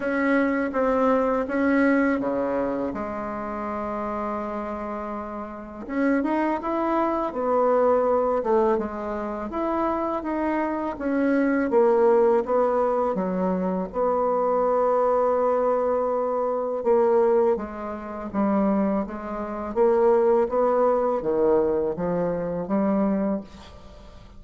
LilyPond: \new Staff \with { instrumentName = "bassoon" } { \time 4/4 \tempo 4 = 82 cis'4 c'4 cis'4 cis4 | gis1 | cis'8 dis'8 e'4 b4. a8 | gis4 e'4 dis'4 cis'4 |
ais4 b4 fis4 b4~ | b2. ais4 | gis4 g4 gis4 ais4 | b4 dis4 f4 g4 | }